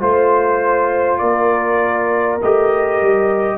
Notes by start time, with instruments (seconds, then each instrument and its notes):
0.00 tuba A3, trombone F4, horn C5, trumpet C5
1.19 tuba A#3, horn A#4, trumpet D5
2.43 tuba A3, trombone G4, trumpet D#5
3.02 tuba G3